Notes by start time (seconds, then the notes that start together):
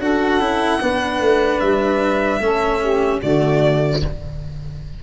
0.00 D4 F#4 A4 F#5
0.39 C#4 E4
0.81 B3 D4 B4
1.20 A3
1.59 G3 E5
2.39 A3 C#4 A4
2.81 G4
3.20 D3 A3 F#4 D5